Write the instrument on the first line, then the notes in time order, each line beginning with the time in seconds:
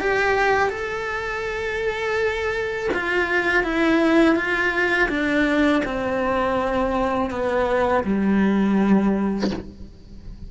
cello
0.00 G4
0.69 A4
2.94 F4
3.64 E4
4.35 F4
5.09 D4
5.85 C4
7.30 B3
8.04 G3